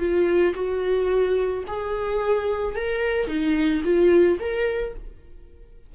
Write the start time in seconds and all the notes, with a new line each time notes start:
0.00 F4
0.55 F#4
1.68 G#4
2.76 A#4
3.28 D#4
3.85 F4
4.40 A#4